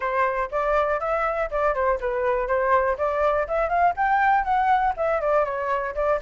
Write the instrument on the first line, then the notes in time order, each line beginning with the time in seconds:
flute
0.00 C5
0.51 D5
1.00 E5
1.50 D5
1.74 C5
2.00 B4
2.47 C5
2.97 D5
3.47 E5
3.69 F5
3.96 G5
4.44 F#5
4.96 E5
5.21 D5
5.45 C#5
5.94 D5